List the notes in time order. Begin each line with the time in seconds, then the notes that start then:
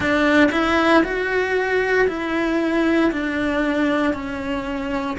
0.00 D4
0.51 E4
1.03 F#4
2.07 E4
3.11 D4
4.13 C#4